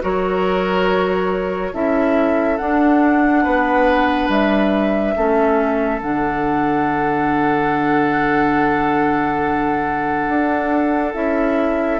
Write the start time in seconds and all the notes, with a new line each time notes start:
0.00 F#3 F#4 A#4 C#5
1.72 C#4 E4 A4 E5
2.57 D4 F#5
3.43 B3 B4
4.28 G3 E5
5.15 A3 C#4 A4
6.01 D3 D4 F#5
10.28 D4
11.14 C#4 E4 E5